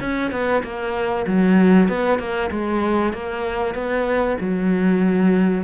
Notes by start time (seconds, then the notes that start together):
0.00 C#4
0.32 B3
0.63 A#3
1.26 F#3
1.89 B3
2.19 A#3
2.51 G#3
3.13 A#3
3.74 B3
4.40 F#3